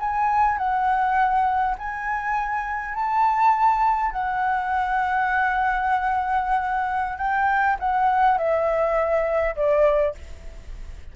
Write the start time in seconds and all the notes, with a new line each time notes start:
0.00 G#5
0.58 F#5
1.78 G#5
2.95 A5
4.12 F#5
7.18 G5
7.80 F#5
8.38 E5
9.56 D5